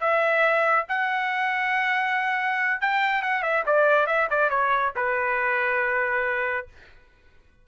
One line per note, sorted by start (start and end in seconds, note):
0.00 0.86 E5
0.88 2.81 F#5
2.81 3.22 G5
3.22 3.42 F#5
3.42 3.64 E5
3.66 4.07 D5
4.07 4.28 E5
4.30 4.50 D5
4.50 4.93 C#5
4.96 6.67 B4